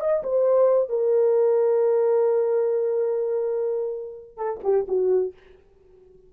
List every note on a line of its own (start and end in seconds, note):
0.00 0.23 D#5
0.23 0.89 C5
0.89 4.37 A#4
4.37 4.59 A4
4.63 4.86 G4
4.88 5.33 F#4